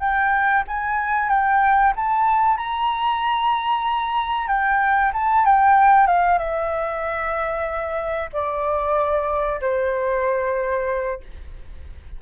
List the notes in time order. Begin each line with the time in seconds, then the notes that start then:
0.00 G5
0.68 G#5
1.29 G5
1.96 A5
2.57 A#5
4.48 G5
5.13 A5
5.45 G5
6.07 F5
6.38 E5
8.33 D5
9.61 C5